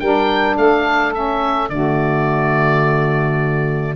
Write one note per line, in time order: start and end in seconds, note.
0.00 0.57 G3
0.00 1.14 D4
0.00 0.57 A#4
0.00 0.57 G5
0.57 1.70 A3
0.57 1.71 A4
0.57 1.14 F5
1.14 1.69 C#4
1.14 1.70 E5
1.69 3.96 D3
1.69 3.95 A3
1.69 3.96 F#4
1.69 3.96 D5